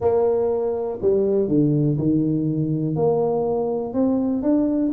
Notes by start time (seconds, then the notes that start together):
0.00 A#3
1.01 G3
1.48 D3
1.97 D#3
2.95 A#3
3.93 C4
4.42 D4